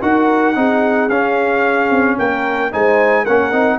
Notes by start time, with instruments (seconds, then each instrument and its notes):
0.00 tuba D#4, trombone F#4, horn A#4, trumpet F#5
0.55 tuba C4, trombone D#4, horn G#4
1.09 tuba C#4, trombone C#4, trumpet F5
1.90 tuba C4
2.17 tuba A#3, horn A#4, trumpet G5
2.71 tuba G#3, trombone D#4, horn C5, trumpet G#5
3.23 tuba A#3, trombone C#4, horn A#4, trumpet F#5
3.52 tuba C4, trombone D#4